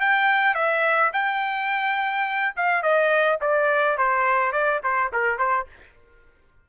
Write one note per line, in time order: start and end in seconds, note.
0.00 0.55 G5
0.55 1.11 E5
1.13 2.54 G5
2.56 2.82 F5
2.82 3.39 D#5
3.41 3.98 D5
3.98 4.52 C5
4.52 4.80 D5
4.83 5.11 C5
5.13 5.38 A#4
5.38 5.66 C5